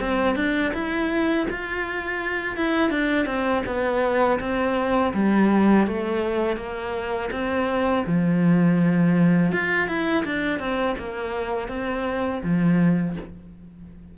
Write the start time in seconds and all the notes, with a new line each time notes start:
0.00 C4
0.36 D4
0.74 E4
1.50 F4
2.56 E4
2.90 D4
3.26 C4
3.66 B3
4.40 C4
5.14 G3
5.87 A3
6.57 A#3
7.32 C4
8.06 F3
9.52 F4
9.87 E4
10.25 D4
10.59 C4
10.98 A#3
11.68 C4
12.43 F3